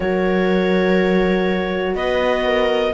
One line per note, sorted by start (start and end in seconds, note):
0.00 1.94 F#3
0.00 2.93 F#4
0.00 1.96 A#4
0.00 1.95 C#5
1.94 2.93 B3
1.94 2.45 B4
1.94 2.94 D#5
2.45 2.94 A#4